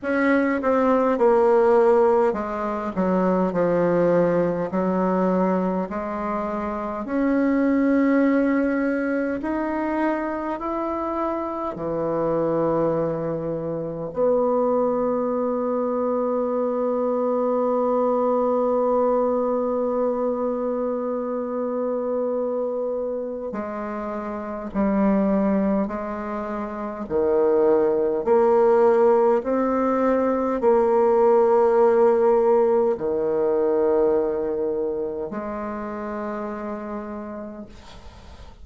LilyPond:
\new Staff \with { instrumentName = "bassoon" } { \time 4/4 \tempo 4 = 51 cis'8 c'8 ais4 gis8 fis8 f4 | fis4 gis4 cis'2 | dis'4 e'4 e2 | b1~ |
b1 | gis4 g4 gis4 dis4 | ais4 c'4 ais2 | dis2 gis2 | }